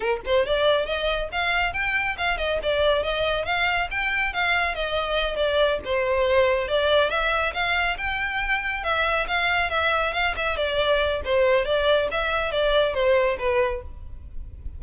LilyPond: \new Staff \with { instrumentName = "violin" } { \time 4/4 \tempo 4 = 139 ais'8 c''8 d''4 dis''4 f''4 | g''4 f''8 dis''8 d''4 dis''4 | f''4 g''4 f''4 dis''4~ | dis''8 d''4 c''2 d''8~ |
d''8 e''4 f''4 g''4.~ | g''8 e''4 f''4 e''4 f''8 | e''8 d''4. c''4 d''4 | e''4 d''4 c''4 b'4 | }